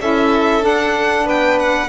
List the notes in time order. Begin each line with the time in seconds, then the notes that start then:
0.00 C#4 E4 A4 E5
0.60 D4 F#5
1.24 B3 B4 G5
1.59 F#5